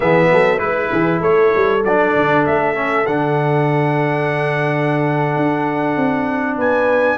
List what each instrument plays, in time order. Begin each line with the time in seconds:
0.00 tuba E3, trombone B3, horn G#4, trumpet E5
0.31 tuba F#3, horn A4
0.58 tuba G#3, trombone E4, trumpet B4, horn B4
0.92 tuba E3, horn G#4
1.20 tuba A3, horn A4, trumpet C#5
1.55 tuba G3
1.84 tuba F#3, trombone D4, trumpet D5
2.15 tuba D3
2.45 tuba A3, trumpet E5
2.74 trombone C#4
3.06 tuba D3, trombone D4, trumpet F#5
5.36 tuba D4
5.96 tuba C4
6.56 tuba B3, horn B4, trumpet G#5